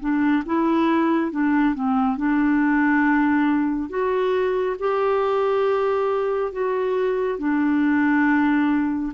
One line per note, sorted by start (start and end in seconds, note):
0.00 0.43 D4
0.46 1.31 E4
1.31 1.74 D4
1.74 2.17 C4
2.17 3.89 D4
3.89 4.76 F#4
4.79 6.52 G4
6.52 7.39 F#4
7.39 9.13 D4